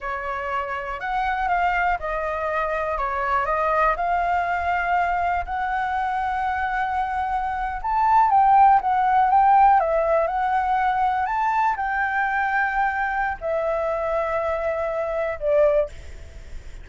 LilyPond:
\new Staff \with { instrumentName = "flute" } { \time 4/4 \tempo 4 = 121 cis''2 fis''4 f''4 | dis''2 cis''4 dis''4 | f''2. fis''4~ | fis''2.~ fis''8. a''16~ |
a''8. g''4 fis''4 g''4 e''16~ | e''8. fis''2 a''4 g''16~ | g''2. e''4~ | e''2. d''4 | }